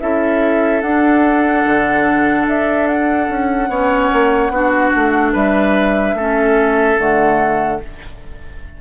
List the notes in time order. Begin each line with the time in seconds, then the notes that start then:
0.00 C#4 E4 A4 E5
0.82 D4 F#5
1.65 D3
2.47 D4 E5
2.88 F#5
3.29 C#4
3.69 B3 C#4 C#5
4.13 A#3
4.50 B3 D4 F#4
4.95 A3
5.33 G3 B4 E5
6.14 A3 C#4 A4
6.98 D3 A3 F#5